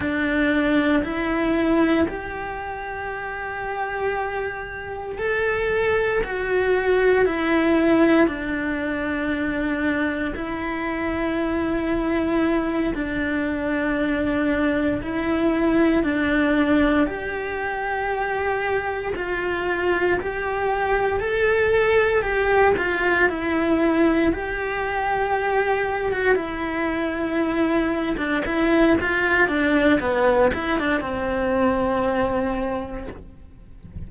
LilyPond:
\new Staff \with { instrumentName = "cello" } { \time 4/4 \tempo 4 = 58 d'4 e'4 g'2~ | g'4 a'4 fis'4 e'4 | d'2 e'2~ | e'8 d'2 e'4 d'8~ |
d'8 g'2 f'4 g'8~ | g'8 a'4 g'8 f'8 e'4 g'8~ | g'4~ g'16 fis'16 e'4.~ e'16 d'16 e'8 | f'8 d'8 b8 e'16 d'16 c'2 | }